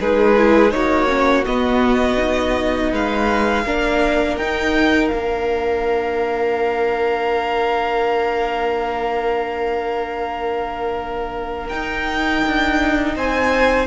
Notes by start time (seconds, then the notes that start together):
0.00 G#3 D#4 G#4 B4
0.37 E4
0.71 A#3 D#4 F#4 C#5
1.08 C#4
1.46 B3 D#5
2.17 D#4
2.92 G#3 B4 F5
3.65 A#3 D4 A#4
4.37 D#4 G5
5.08 A#3 D4 F5
11.69 D#4 G5
12.47 D4
13.15 C4 C5 G#5